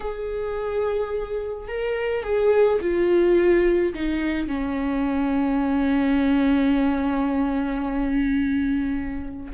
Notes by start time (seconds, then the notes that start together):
0.00 G#4
1.67 A#4
2.23 G#4
2.81 F4
3.94 D#4
4.47 C#4